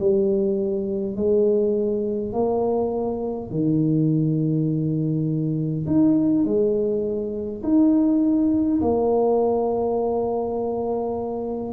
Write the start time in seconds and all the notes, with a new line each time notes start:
0.00 G3
1.16 G#3
2.33 A#3
3.51 D#3
5.86 D#4
6.45 G#3
7.63 D#4
8.81 A#3